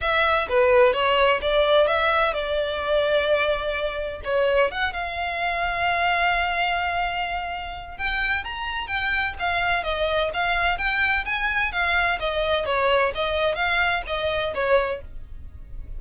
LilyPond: \new Staff \with { instrumentName = "violin" } { \time 4/4 \tempo 4 = 128 e''4 b'4 cis''4 d''4 | e''4 d''2.~ | d''4 cis''4 fis''8 f''4.~ | f''1~ |
f''4 g''4 ais''4 g''4 | f''4 dis''4 f''4 g''4 | gis''4 f''4 dis''4 cis''4 | dis''4 f''4 dis''4 cis''4 | }